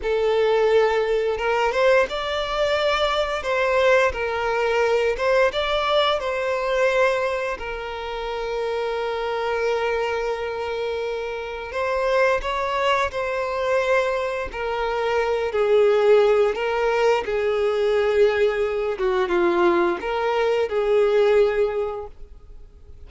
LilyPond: \new Staff \with { instrumentName = "violin" } { \time 4/4 \tempo 4 = 87 a'2 ais'8 c''8 d''4~ | d''4 c''4 ais'4. c''8 | d''4 c''2 ais'4~ | ais'1~ |
ais'4 c''4 cis''4 c''4~ | c''4 ais'4. gis'4. | ais'4 gis'2~ gis'8 fis'8 | f'4 ais'4 gis'2 | }